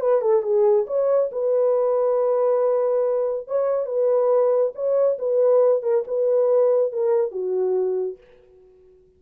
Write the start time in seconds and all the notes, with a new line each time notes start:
0.00 B4
0.21 A4
0.42 G#4
0.87 C#5
1.31 B4
3.47 C#5
3.86 B4
4.74 C#5
5.18 B4
5.82 A#4
6.07 B4
6.92 A#4
7.31 F#4